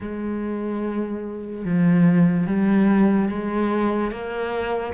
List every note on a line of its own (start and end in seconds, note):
0.00 1.64 G#3
1.64 2.47 F3
2.47 3.29 G3
3.29 4.11 G#3
4.11 4.93 A#3